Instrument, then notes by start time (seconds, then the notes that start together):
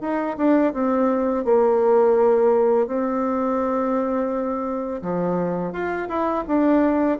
bassoon
0.00 D#4
0.37 D4
0.73 C4
1.44 A#3
2.87 C4
5.02 F3
5.72 F4
6.08 E4
6.47 D4